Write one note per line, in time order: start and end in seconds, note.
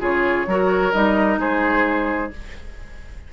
0.00 0.47 C#3
0.00 0.46 F4
0.00 0.47 G#4
0.00 0.93 C#5
0.47 0.94 F#3
0.47 0.93 F#4
0.47 1.40 A#4
0.93 1.38 G3
0.93 2.31 D#4
0.93 1.39 D#5
1.38 2.31 G#3
1.38 2.32 G#4
1.38 2.33 C5